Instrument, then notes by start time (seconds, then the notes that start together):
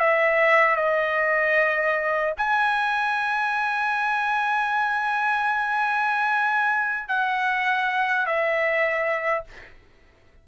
trumpet
0.00 E5
0.76 D#5
2.38 G#5
7.08 F#5
8.26 E5